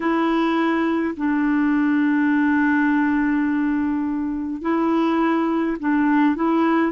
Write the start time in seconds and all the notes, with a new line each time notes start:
0.00 E4
1.16 D4
4.61 E4
5.79 D4
6.35 E4